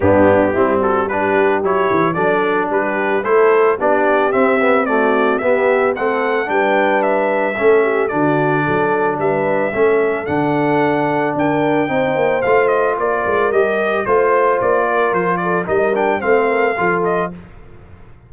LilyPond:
<<
  \new Staff \with { instrumentName = "trumpet" } { \time 4/4 \tempo 4 = 111 g'4. a'8 b'4 cis''4 | d''4 b'4 c''4 d''4 | e''4 d''4 e''4 fis''4 | g''4 e''2 d''4~ |
d''4 e''2 fis''4~ | fis''4 g''2 f''8 dis''8 | d''4 dis''4 c''4 d''4 | c''8 d''8 dis''8 g''8 f''4. dis''8 | }
  \new Staff \with { instrumentName = "horn" } { \time 4/4 d'4 e'8 fis'8 g'2 | a'4 g'4 a'4 g'4~ | g'4 fis'4 g'4 a'4 | b'2 a'8 g'8 fis'4 |
a'4 b'4 a'2~ | a'4 ais'4 c''2 | ais'2 c''4. ais'8~ | ais'8 a'8 ais'4 c''8 ais'8 a'4 | }
  \new Staff \with { instrumentName = "trombone" } { \time 4/4 b4 c'4 d'4 e'4 | d'2 e'4 d'4 | c'8 b8 a4 b4 c'4 | d'2 cis'4 d'4~ |
d'2 cis'4 d'4~ | d'2 dis'4 f'4~ | f'4 g'4 f'2~ | f'4 dis'8 d'8 c'4 f'4 | }
  \new Staff \with { instrumentName = "tuba" } { \time 4/4 g,4 g2 fis8 e8 | fis4 g4 a4 b4 | c'2 b4 a4 | g2 a4 d4 |
fis4 g4 a4 d4~ | d4 d'4 c'8 ais8 a4 | ais8 gis8 g4 a4 ais4 | f4 g4 a4 f4 | }
>>